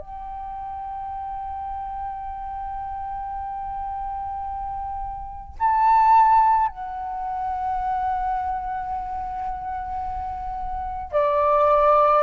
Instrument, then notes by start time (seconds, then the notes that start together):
flute
0.00 G5
5.60 A5
6.69 F#5
11.13 D5